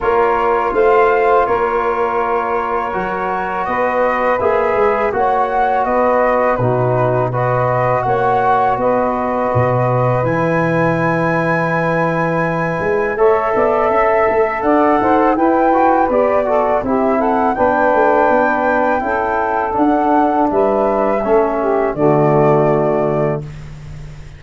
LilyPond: <<
  \new Staff \with { instrumentName = "flute" } { \time 4/4 \tempo 4 = 82 cis''4 f''4 cis''2~ | cis''4 dis''4 e''4 fis''4 | dis''4 b'4 dis''4 fis''4 | dis''2 gis''2~ |
gis''2 e''2 | fis''4 g''4 d''4 e''8 fis''8 | g''2. fis''4 | e''2 d''2 | }
  \new Staff \with { instrumentName = "saxophone" } { \time 4/4 ais'4 c''4 ais'2~ | ais'4 b'2 cis''4 | b'4 fis'4 b'4 cis''4 | b'1~ |
b'2 cis''8 d''8 e''4 | d''8 c''8 b'4. a'8 g'8 a'8 | b'2 a'2 | b'4 a'8 g'8 fis'2 | }
  \new Staff \with { instrumentName = "trombone" } { \time 4/4 f'1 | fis'2 gis'4 fis'4~ | fis'4 dis'4 fis'2~ | fis'2 e'2~ |
e'2 a'2~ | a'4 e'8 fis'8 g'8 fis'8 e'4 | d'2 e'4 d'4~ | d'4 cis'4 a2 | }
  \new Staff \with { instrumentName = "tuba" } { \time 4/4 ais4 a4 ais2 | fis4 b4 ais8 gis8 ais4 | b4 b,2 ais4 | b4 b,4 e2~ |
e4. gis8 a8 b8 cis'8 a8 | d'8 dis'8 e'4 b4 c'4 | b8 a8 b4 cis'4 d'4 | g4 a4 d2 | }
>>